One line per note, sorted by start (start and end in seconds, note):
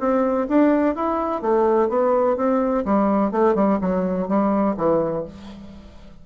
0.00 0.48 C4
0.49 0.95 D4
0.95 1.42 E4
1.42 1.89 A3
1.89 2.37 B3
2.37 2.85 C4
2.85 3.32 G3
3.32 3.55 A3
3.55 3.79 G3
3.81 4.28 F#3
4.28 4.76 G3
4.77 5.25 E3